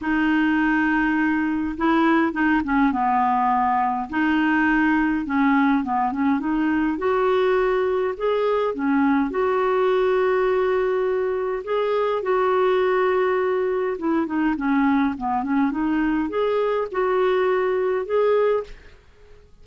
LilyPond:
\new Staff \with { instrumentName = "clarinet" } { \time 4/4 \tempo 4 = 103 dis'2. e'4 | dis'8 cis'8 b2 dis'4~ | dis'4 cis'4 b8 cis'8 dis'4 | fis'2 gis'4 cis'4 |
fis'1 | gis'4 fis'2. | e'8 dis'8 cis'4 b8 cis'8 dis'4 | gis'4 fis'2 gis'4 | }